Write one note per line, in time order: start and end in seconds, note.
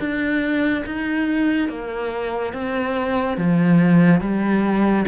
0.00 0.85 D4
0.86 1.69 D#4
1.69 2.54 A#3
2.54 3.38 C4
3.38 4.21 F3
4.21 5.06 G3